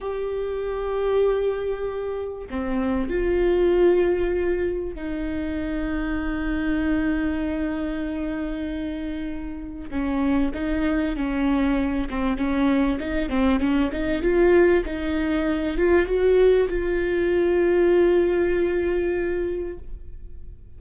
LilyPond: \new Staff \with { instrumentName = "viola" } { \time 4/4 \tempo 4 = 97 g'1 | c'4 f'2. | dis'1~ | dis'1 |
cis'4 dis'4 cis'4. c'8 | cis'4 dis'8 c'8 cis'8 dis'8 f'4 | dis'4. f'8 fis'4 f'4~ | f'1 | }